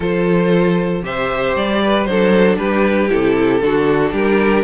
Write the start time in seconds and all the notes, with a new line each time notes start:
0.00 F3 F4 A4 C5
1.02 C3 G4 C5 E5
1.55 G3 D5
1.83 B4
2.04 F#3 D4 A4 C5
2.58 G3 G4 B4
3.09 C3 E4 A4
3.60 D3 D4 F#4
4.12 G3 G4 A#4